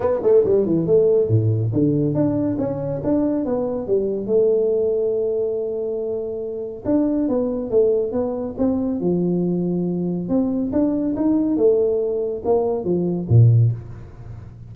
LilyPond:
\new Staff \with { instrumentName = "tuba" } { \time 4/4 \tempo 4 = 140 b8 a8 g8 e8 a4 a,4 | d4 d'4 cis'4 d'4 | b4 g4 a2~ | a1 |
d'4 b4 a4 b4 | c'4 f2. | c'4 d'4 dis'4 a4~ | a4 ais4 f4 ais,4 | }